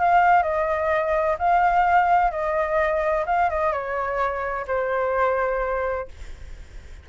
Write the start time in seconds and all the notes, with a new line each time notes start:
0.00 F5
0.43 D#5
1.39 F5
2.32 D#5
3.27 F5
3.50 D#5
3.73 C#5
4.68 C5